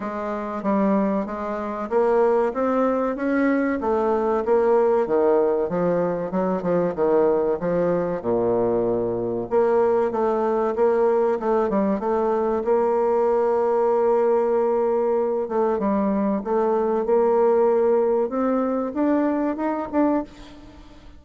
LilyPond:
\new Staff \with { instrumentName = "bassoon" } { \time 4/4 \tempo 4 = 95 gis4 g4 gis4 ais4 | c'4 cis'4 a4 ais4 | dis4 f4 fis8 f8 dis4 | f4 ais,2 ais4 |
a4 ais4 a8 g8 a4 | ais1~ | ais8 a8 g4 a4 ais4~ | ais4 c'4 d'4 dis'8 d'8 | }